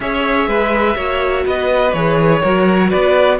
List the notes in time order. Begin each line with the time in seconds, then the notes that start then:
0.00 C#4 G#4 C#5 E5
0.47 G#3 B4
0.95 A#3 F#4 C#5
1.45 B3 B4 D#5
1.92 E3 G#4 C#5
2.42 F#3 F#4 A#4
2.90 B3 B4 D5